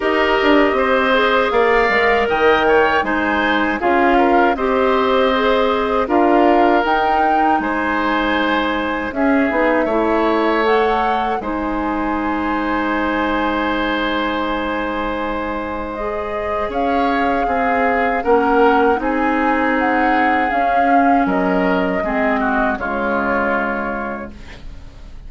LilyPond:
<<
  \new Staff \with { instrumentName = "flute" } { \time 4/4 \tempo 4 = 79 dis''2 f''4 g''4 | gis''4 f''4 dis''2 | f''4 g''4 gis''2 | e''2 fis''4 gis''4~ |
gis''1~ | gis''4 dis''4 f''2 | fis''4 gis''4 fis''4 f''4 | dis''2 cis''2 | }
  \new Staff \with { instrumentName = "oboe" } { \time 4/4 ais'4 c''4 d''4 dis''8 cis''8 | c''4 gis'8 ais'8 c''2 | ais'2 c''2 | gis'4 cis''2 c''4~ |
c''1~ | c''2 cis''4 gis'4 | ais'4 gis'2. | ais'4 gis'8 fis'8 f'2 | }
  \new Staff \with { instrumentName = "clarinet" } { \time 4/4 g'4. gis'4 ais'4. | dis'4 f'4 g'4 gis'4 | f'4 dis'2. | cis'8 dis'8 e'4 a'4 dis'4~ |
dis'1~ | dis'4 gis'2. | cis'4 dis'2 cis'4~ | cis'4 c'4 gis2 | }
  \new Staff \with { instrumentName = "bassoon" } { \time 4/4 dis'8 d'8 c'4 ais8 gis8 dis4 | gis4 cis'4 c'2 | d'4 dis'4 gis2 | cis'8 b8 a2 gis4~ |
gis1~ | gis2 cis'4 c'4 | ais4 c'2 cis'4 | fis4 gis4 cis2 | }
>>